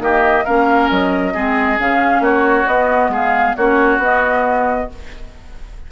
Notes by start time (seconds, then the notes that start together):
0.00 D#3 A#3 G4 D#5
0.45 A#3 C#4 A#4 F5
0.90 F#3 D#5
1.34 G#3 C4 G#4
1.78 C#3 C#4 F5
2.20 A#3 F#4 C#5
2.67 B3 D#5
3.09 G#3 G#4 F5
3.56 A#3 C#4 F#4 C#5
3.98 B3 D#5